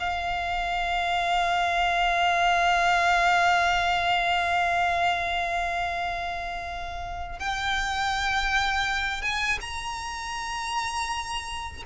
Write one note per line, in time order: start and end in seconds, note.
0.00 7.40 F5
7.40 9.22 G5
9.22 9.59 G#5
9.61 11.84 A#5